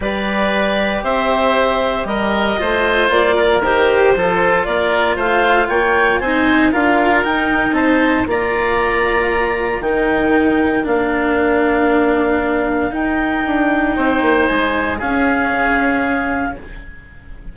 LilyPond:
<<
  \new Staff \with { instrumentName = "clarinet" } { \time 4/4 \tempo 4 = 116 d''2 e''2 | dis''2 d''4 c''4~ | c''4 d''4 f''4 g''4 | gis''4 f''4 g''4 a''4 |
ais''2. g''4~ | g''4 f''2.~ | f''4 g''2. | gis''4 f''2. | }
  \new Staff \with { instrumentName = "oboe" } { \time 4/4 b'2 c''2 | ais'4 c''4. ais'4. | a'4 ais'4 c''4 cis''4 | c''4 ais'2 c''4 |
d''2. ais'4~ | ais'1~ | ais'2. c''4~ | c''4 gis'2. | }
  \new Staff \with { instrumentName = "cello" } { \time 4/4 g'1~ | g'4 f'2 g'4 | f'1 | dis'4 f'4 dis'2 |
f'2. dis'4~ | dis'4 d'2.~ | d'4 dis'2.~ | dis'4 cis'2. | }
  \new Staff \with { instrumentName = "bassoon" } { \time 4/4 g2 c'2 | g4 a4 ais4 dis4 | f4 ais4 a4 ais4 | c'4 d'4 dis'4 c'4 |
ais2. dis4~ | dis4 ais2.~ | ais4 dis'4 d'4 c'8 ais8 | gis4 cis'4 cis2 | }
>>